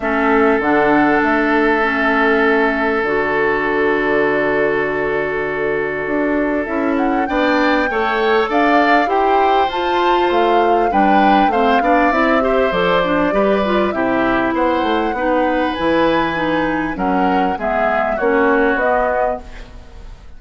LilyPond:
<<
  \new Staff \with { instrumentName = "flute" } { \time 4/4 \tempo 4 = 99 e''4 fis''4 e''2~ | e''4 d''2.~ | d''2. e''8 fis''8 | g''2 f''4 g''4 |
a''4 f''4 g''4 f''4 | e''4 d''2 e''4 | fis''2 gis''2 | fis''4 e''4 cis''4 dis''4 | }
  \new Staff \with { instrumentName = "oboe" } { \time 4/4 a'1~ | a'1~ | a'1 | d''4 cis''4 d''4 c''4~ |
c''2 b'4 c''8 d''8~ | d''8 c''4. b'4 g'4 | c''4 b'2. | ais'4 gis'4 fis'2 | }
  \new Staff \with { instrumentName = "clarinet" } { \time 4/4 cis'4 d'2 cis'4~ | cis'4 fis'2.~ | fis'2. e'4 | d'4 a'2 g'4 |
f'2 d'4 c'8 d'8 | e'8 g'8 a'8 d'8 g'8 f'8 e'4~ | e'4 dis'4 e'4 dis'4 | cis'4 b4 cis'4 b4 | }
  \new Staff \with { instrumentName = "bassoon" } { \time 4/4 a4 d4 a2~ | a4 d2.~ | d2 d'4 cis'4 | b4 a4 d'4 e'4 |
f'4 a4 g4 a8 b8 | c'4 f4 g4 c4 | b8 a8 b4 e2 | fis4 gis4 ais4 b4 | }
>>